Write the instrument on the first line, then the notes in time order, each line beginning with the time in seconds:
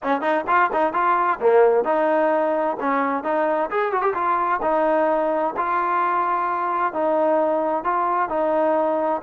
trombone
0.03 C#4
0.21 D#4
0.47 F4
0.73 D#4
0.93 F4
1.40 A#3
1.84 D#4
2.80 C#4
3.23 D#4
3.70 G#4
3.92 F#4
4.02 G4
4.14 F4
4.62 D#4
5.57 F4
6.93 D#4
7.83 F4
8.29 D#4